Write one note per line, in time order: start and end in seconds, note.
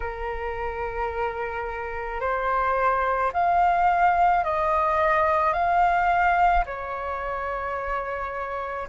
0.00 2.20 A#4
2.20 3.31 C5
3.33 4.43 F5
4.43 5.53 D#5
5.53 6.64 F5
6.65 8.87 C#5